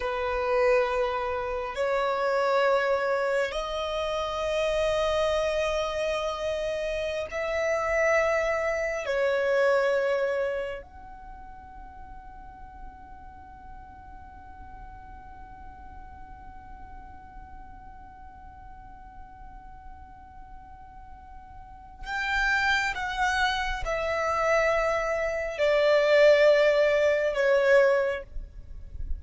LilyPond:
\new Staff \with { instrumentName = "violin" } { \time 4/4 \tempo 4 = 68 b'2 cis''2 | dis''1~ | dis''16 e''2 cis''4.~ cis''16~ | cis''16 fis''2.~ fis''8.~ |
fis''1~ | fis''1~ | fis''4 g''4 fis''4 e''4~ | e''4 d''2 cis''4 | }